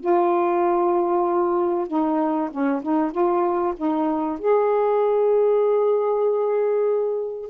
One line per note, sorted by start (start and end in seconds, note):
0.00 1.88 F4
1.88 2.50 D#4
2.51 2.82 C#4
2.82 3.12 D#4
3.12 3.74 F4
3.76 4.39 D#4
4.39 7.50 G#4